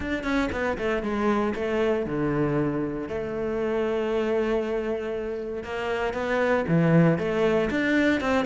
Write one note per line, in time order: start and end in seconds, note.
0.00 0.23 D4
0.23 0.49 C#4
0.52 0.77 B3
0.77 1.02 A3
1.02 1.54 G#3
1.55 2.06 A3
2.06 3.08 D3
3.08 5.63 A3
5.63 6.13 A#3
6.13 6.65 B3
6.68 7.18 E3
7.18 7.69 A3
7.70 8.20 D4
8.20 8.45 C4